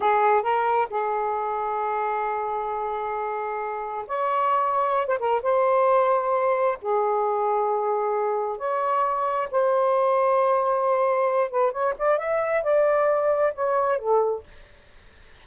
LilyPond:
\new Staff \with { instrumentName = "saxophone" } { \time 4/4 \tempo 4 = 133 gis'4 ais'4 gis'2~ | gis'1~ | gis'4 cis''2~ cis''16 c''16 ais'8 | c''2. gis'4~ |
gis'2. cis''4~ | cis''4 c''2.~ | c''4. b'8 cis''8 d''8 e''4 | d''2 cis''4 a'4 | }